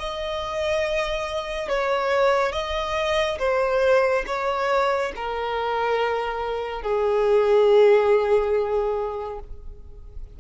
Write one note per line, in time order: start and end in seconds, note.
0.00 1.69 D#5
1.69 2.53 C#5
2.53 3.39 D#5
3.39 4.25 C5
4.27 5.12 C#5
5.16 6.83 A#4
6.83 9.40 G#4